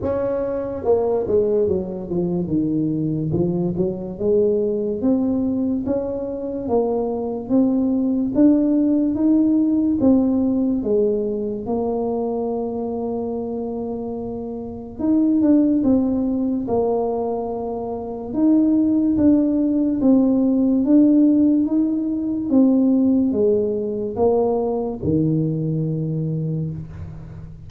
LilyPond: \new Staff \with { instrumentName = "tuba" } { \time 4/4 \tempo 4 = 72 cis'4 ais8 gis8 fis8 f8 dis4 | f8 fis8 gis4 c'4 cis'4 | ais4 c'4 d'4 dis'4 | c'4 gis4 ais2~ |
ais2 dis'8 d'8 c'4 | ais2 dis'4 d'4 | c'4 d'4 dis'4 c'4 | gis4 ais4 dis2 | }